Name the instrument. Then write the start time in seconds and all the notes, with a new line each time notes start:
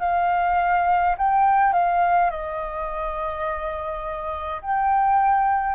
flute
0.00 F5
1.17 G5
1.73 F5
2.30 D#5
4.62 G5